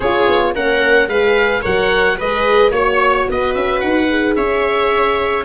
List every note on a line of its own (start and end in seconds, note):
0.00 0.27 C#4
0.00 0.55 F4
0.00 0.53 G#4
0.00 0.54 C#5
0.27 0.54 B3
0.54 1.07 A#3
0.54 1.10 C#4
0.54 1.08 A#4
0.54 1.09 F#5
1.07 1.62 G#3
1.07 1.61 G#4
1.07 1.61 B4
1.07 1.63 F5
1.61 2.20 F#3
1.61 2.16 A#4
1.61 2.16 C#5
1.61 2.19 F#5
2.18 2.71 G#3
2.18 2.71 G#4
2.18 2.72 B4
2.18 2.71 D#5
2.71 3.25 A#3
2.71 4.07 F#4
2.71 3.25 C#5
2.71 3.29 C#5
3.29 3.55 B3
3.29 4.36 B4
3.29 3.54 D#5
3.54 3.82 C#4
3.54 3.80 E5
3.80 4.36 D#4
3.80 4.34 F#5
4.09 5.44 G#4
4.35 5.44 C#4
4.35 5.44 C#5
4.35 5.44 E5